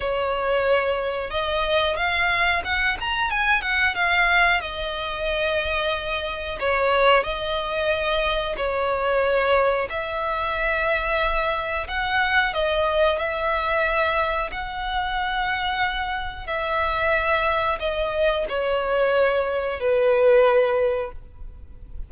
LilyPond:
\new Staff \with { instrumentName = "violin" } { \time 4/4 \tempo 4 = 91 cis''2 dis''4 f''4 | fis''8 ais''8 gis''8 fis''8 f''4 dis''4~ | dis''2 cis''4 dis''4~ | dis''4 cis''2 e''4~ |
e''2 fis''4 dis''4 | e''2 fis''2~ | fis''4 e''2 dis''4 | cis''2 b'2 | }